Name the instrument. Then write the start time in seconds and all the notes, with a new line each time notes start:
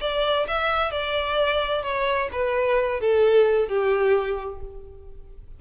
violin
0.00 D5
0.47 E5
0.91 D5
1.83 C#5
2.32 B4
3.00 A4
3.68 G4